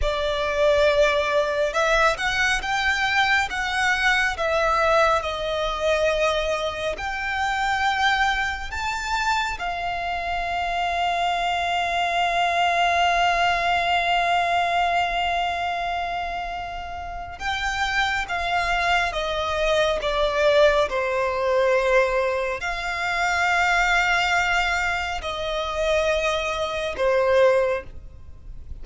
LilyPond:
\new Staff \with { instrumentName = "violin" } { \time 4/4 \tempo 4 = 69 d''2 e''8 fis''8 g''4 | fis''4 e''4 dis''2 | g''2 a''4 f''4~ | f''1~ |
f''1 | g''4 f''4 dis''4 d''4 | c''2 f''2~ | f''4 dis''2 c''4 | }